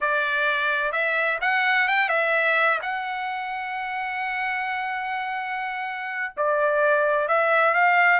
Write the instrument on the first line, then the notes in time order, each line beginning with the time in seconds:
trumpet
0.01 D5
0.92 E5
1.41 F#5
1.88 G5
2.08 E5
2.81 F#5
6.36 D5
7.27 E5
7.73 F5